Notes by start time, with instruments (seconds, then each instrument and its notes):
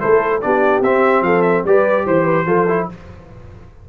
0.00 tuba A3, trombone E4, horn A4, trumpet C5
0.42 tuba B3, trombone D4, horn G4, trumpet D5
0.80 tuba C4, trombone C4, trumpet E5
1.22 tuba F3, horn A4, trumpet F5
1.42 trumpet E5
1.64 tuba G3, trombone G4, horn B4, trumpet D5
2.06 tuba E3, horn C5, trumpet C5
2.25 horn B4
2.46 tuba F3, trombone F4, horn A4
2.68 trombone E4